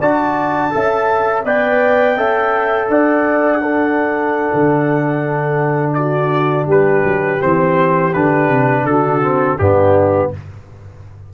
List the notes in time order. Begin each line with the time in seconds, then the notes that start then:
0.00 D4 F#4 D5 A5
0.71 C#4 A4 E5
1.45 B3 B4 D5 G5
2.17 C#4 A4 E5
2.89 D4 D5 F#5
3.62 D4 A4
4.55 D3
5.94 F#4 D5
6.67 G3 G4 B4
7.03 F#3
7.41 E3 C4 C5
8.14 D3 D4 B4
8.49 C3
8.84 D3 F#4 A4
9.23 C4
9.59 G2 B3 D4 G4